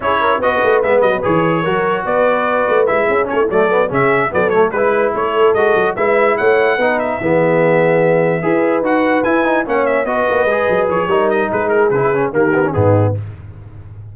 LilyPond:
<<
  \new Staff \with { instrumentName = "trumpet" } { \time 4/4 \tempo 4 = 146 cis''4 dis''4 e''8 dis''8 cis''4~ | cis''4 d''2 e''4 | cis''8 d''4 e''4 d''8 cis''8 b'8~ | b'8 cis''4 dis''4 e''4 fis''8~ |
fis''4 e''2.~ | e''4. fis''4 gis''4 fis''8 | e''8 dis''2 cis''4 dis''8 | b'8 ais'8 b'4 ais'4 gis'4 | }
  \new Staff \with { instrumentName = "horn" } { \time 4/4 gis'8 ais'8 b'2. | ais'4 b'2~ b'8 gis'8 | a'16 e'16 a'4 gis'4 a'4 b'8~ | b'8 a'2 b'4 cis''8~ |
cis''8 b'4 gis'2~ gis'8~ | gis'8 b'2. cis''8~ | cis''8 b'2~ b'8 ais'4 | gis'2 g'4 dis'4 | }
  \new Staff \with { instrumentName = "trombone" } { \time 4/4 e'4 fis'4 b4 gis'4 | fis'2. e'4 | cis'8 a8 b8 cis'4 b8 a8 e'8~ | e'4. fis'4 e'4.~ |
e'8 dis'4 b2~ b8~ | b8 gis'4 fis'4 e'8 dis'8 cis'8~ | cis'8 fis'4 gis'4. dis'4~ | dis'4 e'8 cis'8 ais8 b16 cis'16 b4 | }
  \new Staff \with { instrumentName = "tuba" } { \time 4/4 cis'4 b8 a8 gis8 fis8 e4 | fis4 b4. a8 gis8 cis'8 | a8 fis4 cis4 fis4 gis8~ | gis8 a4 gis8 fis8 gis4 a8~ |
a8 b4 e2~ e8~ | e8 e'4 dis'4 e'4 ais8~ | ais8 b8 ais8 gis8 fis8 f8 g4 | gis4 cis4 dis4 gis,4 | }
>>